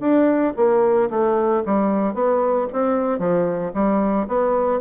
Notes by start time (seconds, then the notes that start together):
0.00 D4
0.56 A#3
1.10 A3
1.66 G3
2.14 B3
2.73 C4
3.19 F3
3.74 G3
4.28 B3